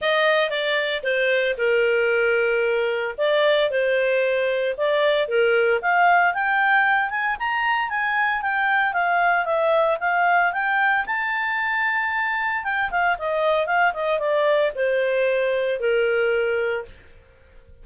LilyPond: \new Staff \with { instrumentName = "clarinet" } { \time 4/4 \tempo 4 = 114 dis''4 d''4 c''4 ais'4~ | ais'2 d''4 c''4~ | c''4 d''4 ais'4 f''4 | g''4. gis''8 ais''4 gis''4 |
g''4 f''4 e''4 f''4 | g''4 a''2. | g''8 f''8 dis''4 f''8 dis''8 d''4 | c''2 ais'2 | }